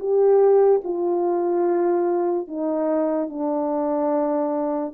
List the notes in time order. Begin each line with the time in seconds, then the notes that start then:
0.00 G4
0.84 F4
2.48 D#4
3.30 D4